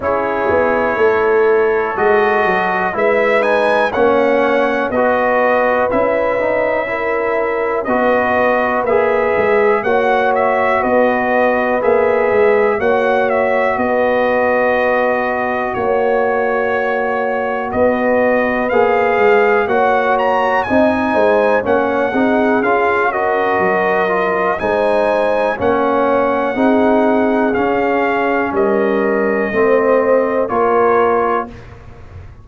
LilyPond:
<<
  \new Staff \with { instrumentName = "trumpet" } { \time 4/4 \tempo 4 = 61 cis''2 dis''4 e''8 gis''8 | fis''4 dis''4 e''2 | dis''4 e''4 fis''8 e''8 dis''4 | e''4 fis''8 e''8 dis''2 |
cis''2 dis''4 f''4 | fis''8 ais''8 gis''4 fis''4 f''8 dis''8~ | dis''4 gis''4 fis''2 | f''4 dis''2 cis''4 | }
  \new Staff \with { instrumentName = "horn" } { \time 4/4 gis'4 a'2 b'4 | cis''4 b'2 ais'4 | b'2 cis''4 b'4~ | b'4 cis''4 b'2 |
cis''2 b'2 | cis''4 dis''8 c''8 cis''8 gis'4 ais'8~ | ais'4 c''4 cis''4 gis'4~ | gis'4 ais'4 c''4 ais'4 | }
  \new Staff \with { instrumentName = "trombone" } { \time 4/4 e'2 fis'4 e'8 dis'8 | cis'4 fis'4 e'8 dis'8 e'4 | fis'4 gis'4 fis'2 | gis'4 fis'2.~ |
fis'2. gis'4 | fis'4 dis'4 cis'8 dis'8 f'8 fis'8~ | fis'8 f'8 dis'4 cis'4 dis'4 | cis'2 c'4 f'4 | }
  \new Staff \with { instrumentName = "tuba" } { \time 4/4 cis'8 b8 a4 gis8 fis8 gis4 | ais4 b4 cis'2 | b4 ais8 gis8 ais4 b4 | ais8 gis8 ais4 b2 |
ais2 b4 ais8 gis8 | ais4 c'8 gis8 ais8 c'8 cis'4 | fis4 gis4 ais4 c'4 | cis'4 g4 a4 ais4 | }
>>